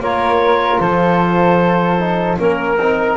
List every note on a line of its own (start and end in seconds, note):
0.00 0.79 A#3
0.00 1.99 F4
0.00 0.81 A#4
0.00 0.80 C#5
0.80 2.38 F3
0.80 2.38 A4
0.80 2.37 C5
1.99 2.38 D#4
2.38 2.77 A#3
2.38 2.77 C#4
2.38 3.17 A#4
2.77 3.17 C4
2.77 3.17 D#4